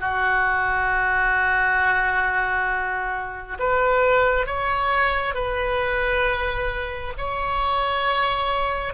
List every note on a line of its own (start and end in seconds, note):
0.00 3.58 F#4
3.59 4.46 B4
4.46 5.34 C#5
5.34 7.14 B4
7.18 8.94 C#5